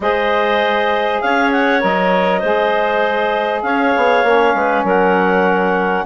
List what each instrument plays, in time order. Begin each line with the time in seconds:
0.00 bassoon G#3, saxophone G#4, clarinet C5 D#5
1.20 bassoon C#4, clarinet C#5 F5
1.51 clarinet F#5
1.79 bassoon F#3, saxophone A#4, clarinet D#5
2.39 bassoon G#3, saxophone G#4, clarinet C5
3.62 bassoon C#4, clarinet C#5 F5
3.96 bassoon B3
4.23 bassoon A#3, saxophone C#4
4.54 bassoon G#3, clarinet B4
4.83 bassoon F#3, clarinet A#4 F#5